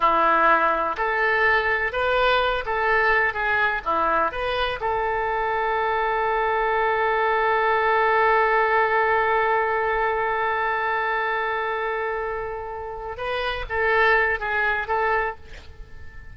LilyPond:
\new Staff \with { instrumentName = "oboe" } { \time 4/4 \tempo 4 = 125 e'2 a'2 | b'4. a'4. gis'4 | e'4 b'4 a'2~ | a'1~ |
a'1~ | a'1~ | a'2.~ a'8 b'8~ | b'8 a'4. gis'4 a'4 | }